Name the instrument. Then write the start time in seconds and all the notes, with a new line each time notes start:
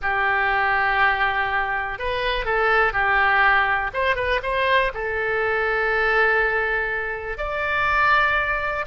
oboe
0.02 G4
1.98 B4
2.45 A4
2.92 G4
3.93 C5
4.15 B4
4.43 C5
4.94 A4
7.37 D5